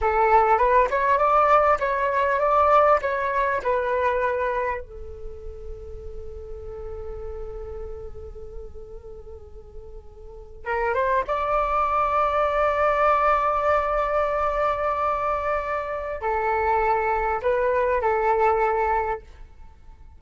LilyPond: \new Staff \with { instrumentName = "flute" } { \time 4/4 \tempo 4 = 100 a'4 b'8 cis''8 d''4 cis''4 | d''4 cis''4 b'2 | a'1~ | a'1~ |
a'4.~ a'16 ais'8 c''8 d''4~ d''16~ | d''1~ | d''2. a'4~ | a'4 b'4 a'2 | }